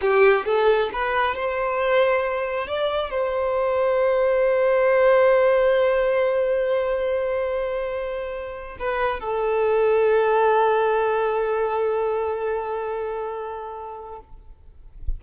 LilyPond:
\new Staff \with { instrumentName = "violin" } { \time 4/4 \tempo 4 = 135 g'4 a'4 b'4 c''4~ | c''2 d''4 c''4~ | c''1~ | c''1~ |
c''2.~ c''8. b'16~ | b'8. a'2.~ a'16~ | a'1~ | a'1 | }